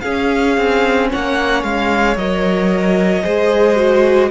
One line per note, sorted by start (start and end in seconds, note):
0.00 2.16 C#4
0.00 0.57 C#4
0.00 1.10 G#4
0.00 1.07 F5
0.57 1.10 C4
1.10 1.63 A#3
1.10 3.22 C#5
1.10 1.63 F#5
1.63 2.16 G#3
1.63 2.17 F5
2.16 3.23 F#3
2.16 3.23 A#4
2.16 4.31 D#5
3.22 4.31 G#3
3.22 3.76 G#4
3.22 4.29 C5
3.76 4.29 F#4